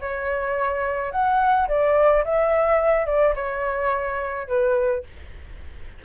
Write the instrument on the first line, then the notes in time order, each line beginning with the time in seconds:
flute
0.00 C#5
1.12 F#5
1.68 D5
2.24 E5
3.06 D5
3.35 C#5
4.48 B4